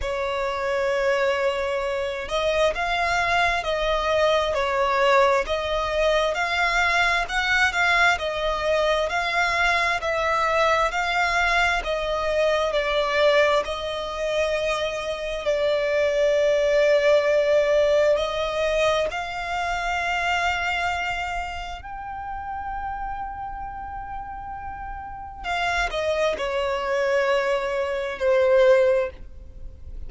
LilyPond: \new Staff \with { instrumentName = "violin" } { \time 4/4 \tempo 4 = 66 cis''2~ cis''8 dis''8 f''4 | dis''4 cis''4 dis''4 f''4 | fis''8 f''8 dis''4 f''4 e''4 | f''4 dis''4 d''4 dis''4~ |
dis''4 d''2. | dis''4 f''2. | g''1 | f''8 dis''8 cis''2 c''4 | }